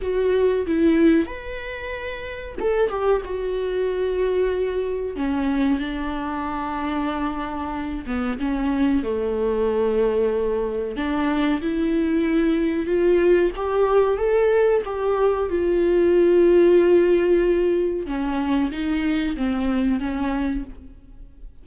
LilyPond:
\new Staff \with { instrumentName = "viola" } { \time 4/4 \tempo 4 = 93 fis'4 e'4 b'2 | a'8 g'8 fis'2. | cis'4 d'2.~ | d'8 b8 cis'4 a2~ |
a4 d'4 e'2 | f'4 g'4 a'4 g'4 | f'1 | cis'4 dis'4 c'4 cis'4 | }